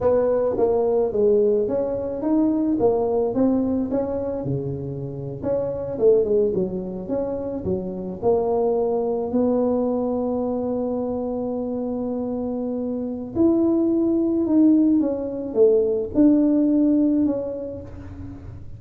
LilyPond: \new Staff \with { instrumentName = "tuba" } { \time 4/4 \tempo 4 = 108 b4 ais4 gis4 cis'4 | dis'4 ais4 c'4 cis'4 | cis4.~ cis16 cis'4 a8 gis8 fis16~ | fis8. cis'4 fis4 ais4~ ais16~ |
ais8. b2.~ b16~ | b1 | e'2 dis'4 cis'4 | a4 d'2 cis'4 | }